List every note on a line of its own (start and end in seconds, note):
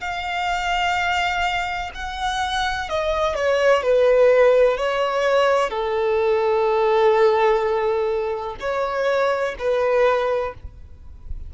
0.00 1.90 F5
1.94 2.89 F#5
2.89 3.35 D#5
3.35 3.83 C#5
3.83 4.77 B4
4.77 5.70 C#5
5.70 8.55 A4
8.60 9.55 C#5
9.59 10.54 B4